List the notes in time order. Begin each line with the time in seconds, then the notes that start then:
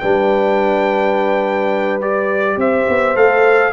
0.00 G3 D4 B4 G5
2.01 G4 D5
2.57 C4 C5 E5
2.89 B3
3.15 A3 A4 F5